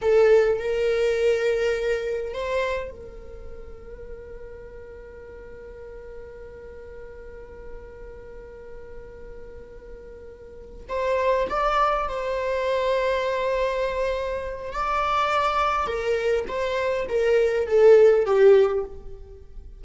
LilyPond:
\new Staff \with { instrumentName = "viola" } { \time 4/4 \tempo 4 = 102 a'4 ais'2. | c''4 ais'2.~ | ais'1~ | ais'1~ |
ais'2~ ais'8 c''4 d''8~ | d''8 c''2.~ c''8~ | c''4 d''2 ais'4 | c''4 ais'4 a'4 g'4 | }